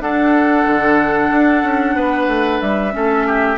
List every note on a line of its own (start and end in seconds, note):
0.00 0.65 D4
0.00 2.92 D4
0.00 1.95 A4
0.00 2.61 F#5
0.65 1.31 D3
1.31 1.63 D4
1.63 1.95 C#4
1.95 2.27 B3
1.95 2.93 B4
2.27 2.60 A3
2.61 2.94 G3
2.61 3.58 E5
2.92 3.58 A3
2.92 3.57 C#4
2.92 3.27 A4
3.27 3.58 G4